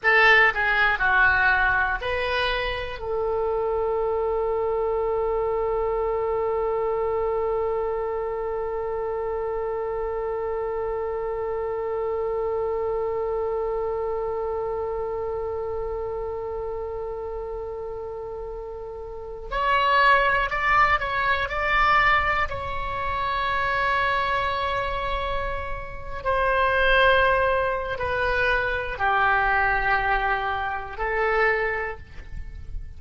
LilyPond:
\new Staff \with { instrumentName = "oboe" } { \time 4/4 \tempo 4 = 60 a'8 gis'8 fis'4 b'4 a'4~ | a'1~ | a'1~ | a'1~ |
a'2.~ a'8 cis''8~ | cis''8 d''8 cis''8 d''4 cis''4.~ | cis''2~ cis''16 c''4.~ c''16 | b'4 g'2 a'4 | }